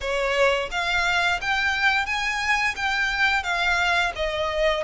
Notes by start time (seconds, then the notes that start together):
0.00 C#5
0.71 F5
1.41 G5
2.05 G#5
2.76 G5
3.43 F5
4.15 D#5